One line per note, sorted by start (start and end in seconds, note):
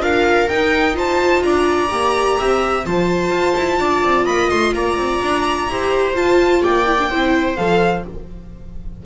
0.00 0.47 D4
0.00 0.48 F4
0.00 0.96 A#4
0.00 0.49 F5
0.49 1.44 D#4
0.49 0.94 D#4
0.49 0.96 G5
0.94 1.89 F4
0.94 1.44 C5
0.94 1.43 A5
1.43 1.91 D4
1.43 2.40 D5
1.43 2.84 A#5
1.90 2.39 A#3
1.90 2.85 G4
2.40 2.86 C4
2.40 2.87 E5
2.86 3.31 F3
2.86 5.70 F4
2.86 3.80 C5
2.86 4.26 A5
3.31 3.54 F4
3.57 3.79 E4
3.79 4.03 D4
3.79 4.25 D5
4.04 4.27 C4
4.25 4.50 A#3
4.25 4.72 D#5
4.25 4.50 B5
4.50 4.73 A3
4.50 4.74 C6
4.73 4.97 A#3
4.73 5.71 D5
4.73 6.16 A#5
4.97 5.20 C4
5.22 5.67 D4
5.67 6.14 E4
5.67 6.14 G4
5.67 6.62 C5
6.14 6.85 F4
6.14 6.63 F4
6.14 6.63 A5
6.62 7.12 A#3
6.62 7.09 D5
6.62 7.56 G5
6.86 6.98 E4
6.99 7.11 D4
7.10 7.58 C4
7.10 7.57 E4
7.10 8.04 C5
7.56 8.06 F3
7.56 8.05 A4
7.56 8.03 F5